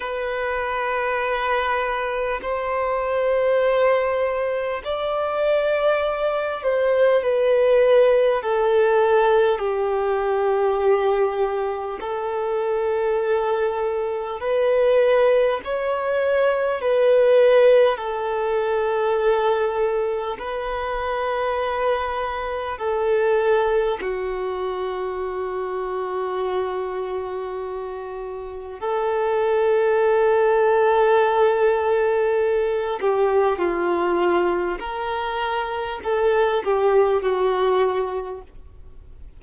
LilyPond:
\new Staff \with { instrumentName = "violin" } { \time 4/4 \tempo 4 = 50 b'2 c''2 | d''4. c''8 b'4 a'4 | g'2 a'2 | b'4 cis''4 b'4 a'4~ |
a'4 b'2 a'4 | fis'1 | a'2.~ a'8 g'8 | f'4 ais'4 a'8 g'8 fis'4 | }